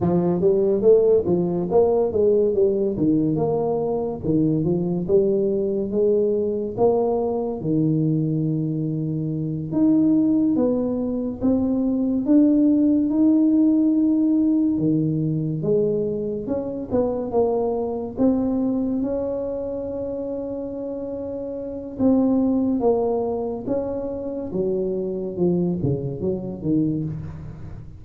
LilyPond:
\new Staff \with { instrumentName = "tuba" } { \time 4/4 \tempo 4 = 71 f8 g8 a8 f8 ais8 gis8 g8 dis8 | ais4 dis8 f8 g4 gis4 | ais4 dis2~ dis8 dis'8~ | dis'8 b4 c'4 d'4 dis'8~ |
dis'4. dis4 gis4 cis'8 | b8 ais4 c'4 cis'4.~ | cis'2 c'4 ais4 | cis'4 fis4 f8 cis8 fis8 dis8 | }